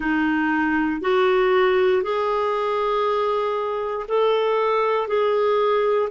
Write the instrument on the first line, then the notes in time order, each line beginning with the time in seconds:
clarinet
0.00 D#4
1.01 F#4
2.02 G#4
4.07 A4
5.07 G#4